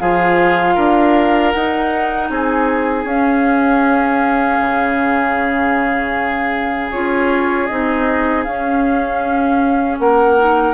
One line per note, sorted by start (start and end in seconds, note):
0.00 0.77 F3
0.00 1.54 F4
0.00 0.75 G#4
0.00 1.52 F5
0.75 1.54 D4
0.75 2.29 A#4
1.52 3.06 D#4
1.52 2.30 D#4
1.52 2.29 F#5
2.30 3.05 C4
2.30 10.00 G#4
2.30 3.07 G#5
3.05 4.59 C#4
3.05 6.91 C#4
3.05 6.91 F5
4.61 6.92 C#3
6.91 7.70 C#4
6.91 7.70 F4
6.91 7.66 C#5
7.66 8.47 C4
7.66 8.46 D#4
7.66 8.43 D#5
8.44 10.00 C#4
8.44 10.39 C#4
8.44 9.98 F5
9.99 10.74 A#3
9.99 10.74 A#4
9.99 10.74 F#5
10.39 10.74 D#4